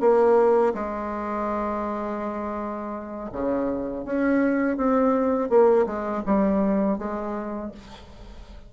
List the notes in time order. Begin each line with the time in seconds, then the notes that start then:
0.00 A#3
0.74 G#3
3.32 C#3
4.05 C#4
4.77 C4
5.49 A#3
5.86 G#3
6.26 G3
6.98 G#3